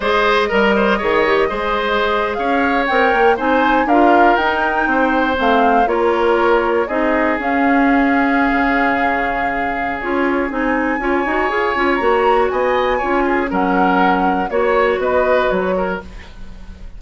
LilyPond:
<<
  \new Staff \with { instrumentName = "flute" } { \time 4/4 \tempo 4 = 120 dis''1~ | dis''8. f''4 g''4 gis''4 f''16~ | f''8. g''2 f''4 cis''16~ | cis''4.~ cis''16 dis''4 f''4~ f''16~ |
f''1 | cis''4 gis''2. | ais''4 gis''2 fis''4~ | fis''4 cis''4 dis''4 cis''4 | }
  \new Staff \with { instrumentName = "oboe" } { \time 4/4 c''4 ais'8 c''8 cis''4 c''4~ | c''8. cis''2 c''4 ais'16~ | ais'4.~ ais'16 c''2 ais'16~ | ais'4.~ ais'16 gis'2~ gis'16~ |
gis'1~ | gis'2 cis''2~ | cis''4 dis''4 cis''8 gis'8 ais'4~ | ais'4 cis''4 b'4. ais'8 | }
  \new Staff \with { instrumentName = "clarinet" } { \time 4/4 gis'4 ais'4 gis'8 g'8 gis'4~ | gis'4.~ gis'16 ais'4 dis'4 f'16~ | f'8. dis'2 c'4 f'16~ | f'4.~ f'16 dis'4 cis'4~ cis'16~ |
cis'1 | f'4 dis'4 f'8 fis'8 gis'8 f'8 | fis'2 f'4 cis'4~ | cis'4 fis'2. | }
  \new Staff \with { instrumentName = "bassoon" } { \time 4/4 gis4 g4 dis4 gis4~ | gis8. cis'4 c'8 ais8 c'4 d'16~ | d'8. dis'4 c'4 a4 ais16~ | ais4.~ ais16 c'4 cis'4~ cis'16~ |
cis'4 cis2. | cis'4 c'4 cis'8 dis'8 f'8 cis'8 | ais4 b4 cis'4 fis4~ | fis4 ais4 b4 fis4 | }
>>